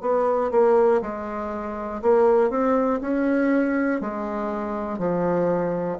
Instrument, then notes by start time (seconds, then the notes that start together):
bassoon
0.00 B3
0.51 A#3
1.01 G#3
2.02 A#3
2.50 C4
3.00 C#4
4.00 G#3
4.98 F3